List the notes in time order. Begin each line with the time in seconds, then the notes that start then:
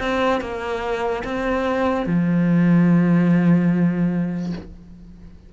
0.00 C4
0.41 A#3
1.24 C4
2.07 F3